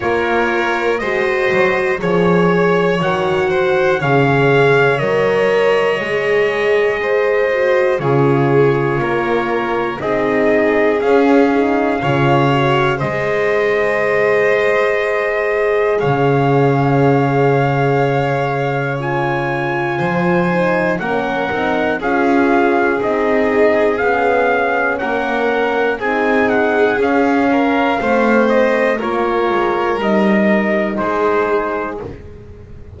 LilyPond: <<
  \new Staff \with { instrumentName = "trumpet" } { \time 4/4 \tempo 4 = 60 cis''4 dis''4 cis''4 fis''4 | f''4 dis''2. | cis''2 dis''4 f''4~ | f''4 dis''2. |
f''2. gis''4~ | gis''4 fis''4 f''4 dis''4 | f''4 fis''4 gis''8 fis''8 f''4~ | f''8 dis''8 cis''4 dis''4 c''4 | }
  \new Staff \with { instrumentName = "violin" } { \time 4/4 ais'4 c''4 cis''4. c''8 | cis''2. c''4 | gis'4 ais'4 gis'2 | cis''4 c''2. |
cis''1 | c''4 ais'4 gis'2~ | gis'4 ais'4 gis'4. ais'8 | c''4 ais'2 gis'4 | }
  \new Staff \with { instrumentName = "horn" } { \time 4/4 f'4 fis'4 gis'4 fis'4 | gis'4 ais'4 gis'4. fis'8 | f'2 dis'4 cis'8 dis'8 | f'8 fis'8 gis'2.~ |
gis'2. f'4~ | f'8 dis'8 cis'8 dis'8 f'4 dis'4 | cis'2 dis'4 cis'4 | c'4 f'4 dis'2 | }
  \new Staff \with { instrumentName = "double bass" } { \time 4/4 ais4 gis8 fis8 f4 dis4 | cis4 fis4 gis2 | cis4 ais4 c'4 cis'4 | cis4 gis2. |
cis1 | f4 ais8 c'8 cis'4 c'4 | b4 ais4 c'4 cis'4 | a4 ais8 gis8 g4 gis4 | }
>>